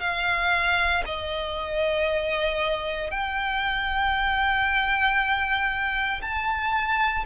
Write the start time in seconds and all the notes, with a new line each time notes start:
0.00 F5
1.05 D#5
3.10 G5
6.21 A5